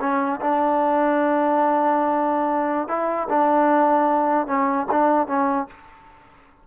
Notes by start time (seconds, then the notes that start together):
0.00 C#4
0.40 D4
2.88 E4
3.29 D4
4.47 C#4
4.91 D4
5.27 C#4